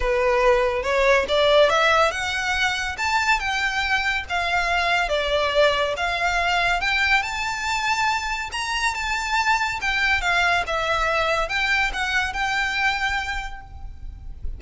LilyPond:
\new Staff \with { instrumentName = "violin" } { \time 4/4 \tempo 4 = 141 b'2 cis''4 d''4 | e''4 fis''2 a''4 | g''2 f''2 | d''2 f''2 |
g''4 a''2. | ais''4 a''2 g''4 | f''4 e''2 g''4 | fis''4 g''2. | }